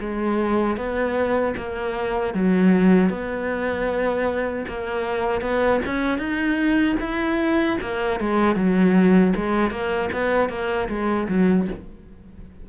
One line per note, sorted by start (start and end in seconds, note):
0.00 0.77 G#3
0.77 1.55 B3
1.57 2.34 A#3
2.34 3.10 F#3
3.10 4.65 B3
4.68 5.42 A#3
5.42 5.81 B3
5.86 6.18 C#4
6.18 6.96 D#4
7.00 7.78 E4
7.81 8.20 A#3
8.20 8.56 G#3
8.56 9.34 F#3
9.36 9.71 G#3
9.71 10.10 A#3
10.13 10.49 B3
10.49 10.88 A#3
10.89 11.28 G#3
11.29 11.68 F#3